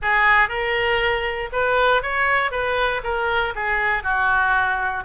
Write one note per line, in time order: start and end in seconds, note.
0.01 0.48 G#4
0.48 1.49 A#4
1.52 2.02 B4
2.02 2.51 C#5
2.51 3.01 B4
3.03 3.54 A#4
3.55 4.03 G#4
4.03 5.04 F#4